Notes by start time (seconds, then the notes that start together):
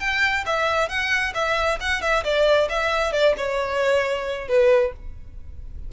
0.00 G5
0.46 E5
0.89 F#5
1.35 E5
1.80 F#5
2.02 E5
2.24 D5
2.69 E5
3.13 D5
3.37 C#5
4.48 B4